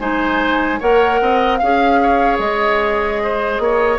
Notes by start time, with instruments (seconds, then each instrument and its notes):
0.00 bassoon G#3, clarinet D#4, oboe C5, flute G#5
0.80 bassoon A#3, clarinet A#4, oboe C#5, flute F#5
1.21 bassoon C4, oboe D#5
1.57 bassoon C#4, clarinet G#4, flute F5, oboe F5
2.03 oboe C#5
2.39 bassoon G#3, flute D#5
3.23 oboe C5
3.59 bassoon A#3, oboe C#5